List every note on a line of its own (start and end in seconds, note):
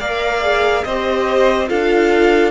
0.00 0.85 A#3
0.00 0.41 A#4
0.00 0.85 D5
0.00 0.84 F5
0.41 0.83 G#4
0.84 1.70 C4
0.84 1.68 G4
0.84 1.69 C5
0.84 1.69 D#5
1.68 2.51 D4
1.68 2.51 F4
1.68 2.51 A4
1.68 2.51 F5